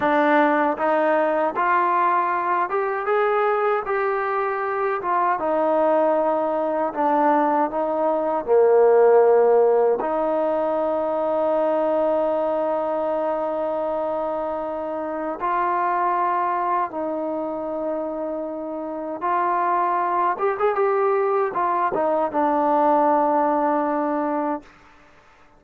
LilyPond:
\new Staff \with { instrumentName = "trombone" } { \time 4/4 \tempo 4 = 78 d'4 dis'4 f'4. g'8 | gis'4 g'4. f'8 dis'4~ | dis'4 d'4 dis'4 ais4~ | ais4 dis'2.~ |
dis'1 | f'2 dis'2~ | dis'4 f'4. g'16 gis'16 g'4 | f'8 dis'8 d'2. | }